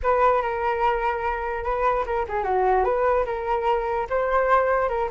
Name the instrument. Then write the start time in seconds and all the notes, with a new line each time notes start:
flute
0.02 B4
0.42 A#4
1.64 B4
2.06 A#4
2.28 G#4
2.43 F#4
2.84 B4
3.25 A#4
4.09 C5
4.88 A#4